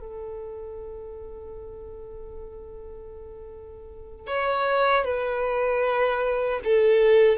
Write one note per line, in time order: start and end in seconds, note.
0.00 4.27 A4
4.27 5.04 C#5
5.04 6.60 B4
6.64 7.38 A4